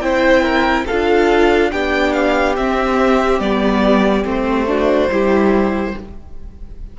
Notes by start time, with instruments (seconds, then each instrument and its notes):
0.00 cello C4, viola E4, violin C5 G5
0.42 violin A#4
0.86 cello D4, viola F4, violin A4 F5
1.71 cello B3, viola D4, violin G4 G5
2.13 violin F5
2.57 viola C4, cello C4, violin E5
3.39 cello G3, viola B3, violin D5
4.24 cello A3, viola C4, violin C5
4.67 viola D4, violin F#4
5.09 cello G3, viola E4, violin G4